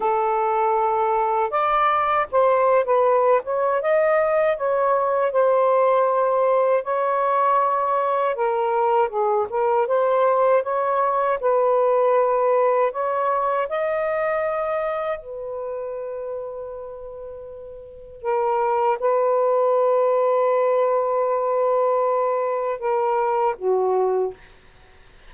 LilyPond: \new Staff \with { instrumentName = "saxophone" } { \time 4/4 \tempo 4 = 79 a'2 d''4 c''8. b'16~ | b'8 cis''8 dis''4 cis''4 c''4~ | c''4 cis''2 ais'4 | gis'8 ais'8 c''4 cis''4 b'4~ |
b'4 cis''4 dis''2 | b'1 | ais'4 b'2.~ | b'2 ais'4 fis'4 | }